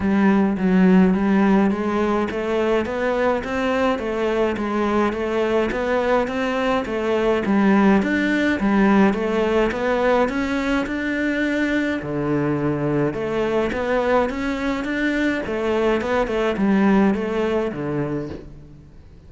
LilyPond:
\new Staff \with { instrumentName = "cello" } { \time 4/4 \tempo 4 = 105 g4 fis4 g4 gis4 | a4 b4 c'4 a4 | gis4 a4 b4 c'4 | a4 g4 d'4 g4 |
a4 b4 cis'4 d'4~ | d'4 d2 a4 | b4 cis'4 d'4 a4 | b8 a8 g4 a4 d4 | }